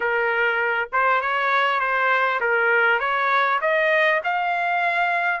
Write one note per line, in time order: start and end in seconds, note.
0.00 0.89 A#4
0.92 1.21 C5
1.21 1.80 C#5
1.80 2.40 C5
2.40 2.99 A#4
2.99 3.59 C#5
3.61 4.21 D#5
4.24 5.40 F5